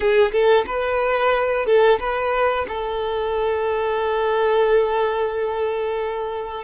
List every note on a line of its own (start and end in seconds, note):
0.00 0.31 G#4
0.32 0.65 A4
0.66 1.65 B4
1.65 1.99 A4
1.99 2.66 B4
2.68 6.64 A4